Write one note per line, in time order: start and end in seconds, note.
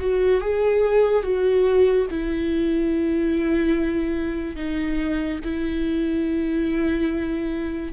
0.00 0.42 F#4
0.42 1.23 G#4
1.23 2.07 F#4
2.11 4.56 E4
4.56 5.40 D#4
5.44 7.93 E4